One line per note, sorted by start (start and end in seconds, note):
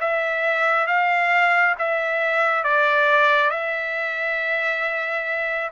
0.00 0.87 E5
0.87 1.75 F5
1.78 2.64 E5
2.64 3.50 D5
3.50 5.71 E5